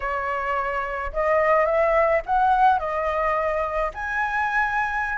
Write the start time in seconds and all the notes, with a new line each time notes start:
0.00 C#5
1.12 D#5
1.65 E5
2.26 F#5
2.79 D#5
3.94 G#5